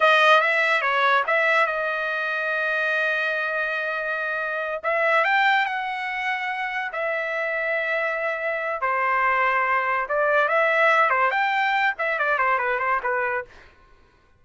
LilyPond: \new Staff \with { instrumentName = "trumpet" } { \time 4/4 \tempo 4 = 143 dis''4 e''4 cis''4 e''4 | dis''1~ | dis''2.~ dis''8 e''8~ | e''8 g''4 fis''2~ fis''8~ |
fis''8 e''2.~ e''8~ | e''4 c''2. | d''4 e''4. c''8 g''4~ | g''8 e''8 d''8 c''8 b'8 c''8 b'4 | }